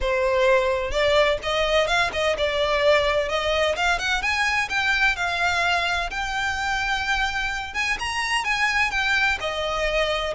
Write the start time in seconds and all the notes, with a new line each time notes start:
0.00 C5
0.91 D5
1.42 D#5
1.87 F5
2.13 D#5
2.37 D5
3.28 D#5
3.75 F5
3.98 F#5
4.22 G#5
4.69 G5
5.16 F5
6.10 G5
7.74 G#5
7.99 A#5
8.44 G#5
8.91 G5
9.40 D#5